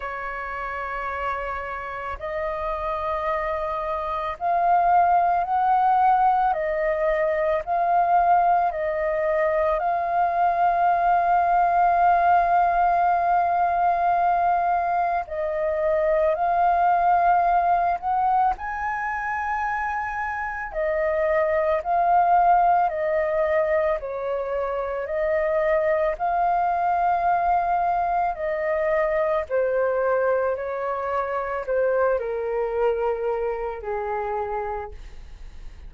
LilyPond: \new Staff \with { instrumentName = "flute" } { \time 4/4 \tempo 4 = 55 cis''2 dis''2 | f''4 fis''4 dis''4 f''4 | dis''4 f''2.~ | f''2 dis''4 f''4~ |
f''8 fis''8 gis''2 dis''4 | f''4 dis''4 cis''4 dis''4 | f''2 dis''4 c''4 | cis''4 c''8 ais'4. gis'4 | }